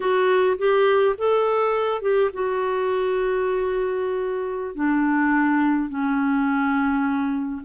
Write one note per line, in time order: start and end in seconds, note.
0.00 0.57 F#4
0.57 1.15 G4
1.17 2.01 A4
2.01 2.30 G4
2.33 4.75 F#4
4.75 5.89 D4
5.89 7.62 C#4